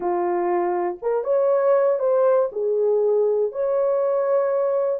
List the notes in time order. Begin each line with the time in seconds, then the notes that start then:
0.00 F4
1.02 A#4
1.24 C#5
1.99 C5
2.52 G#4
3.51 C#5